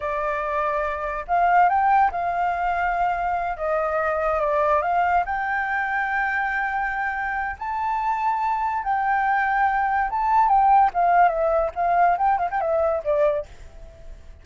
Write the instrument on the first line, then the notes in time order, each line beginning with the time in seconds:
flute
0.00 D5
1.27 F5
1.69 G5
2.11 F5
3.57 D#5
4.40 D5
4.81 F5
5.25 G5
7.58 A5
8.83 G5
10.09 A5
10.48 G5
10.93 F5
11.28 E5
11.75 F5
12.17 G5
12.38 F5
12.51 G5
12.60 E5
13.03 D5